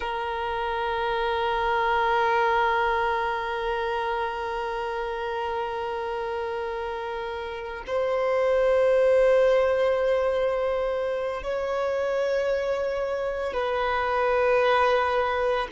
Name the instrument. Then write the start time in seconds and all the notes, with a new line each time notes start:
violin
0.00 A#4
7.86 C5
11.43 C#5
13.53 B4